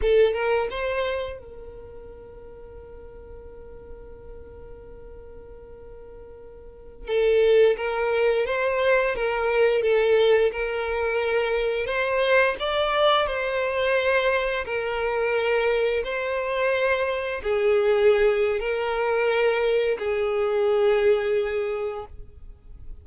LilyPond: \new Staff \with { instrumentName = "violin" } { \time 4/4 \tempo 4 = 87 a'8 ais'8 c''4 ais'2~ | ais'1~ | ais'2~ ais'16 a'4 ais'8.~ | ais'16 c''4 ais'4 a'4 ais'8.~ |
ais'4~ ais'16 c''4 d''4 c''8.~ | c''4~ c''16 ais'2 c''8.~ | c''4~ c''16 gis'4.~ gis'16 ais'4~ | ais'4 gis'2. | }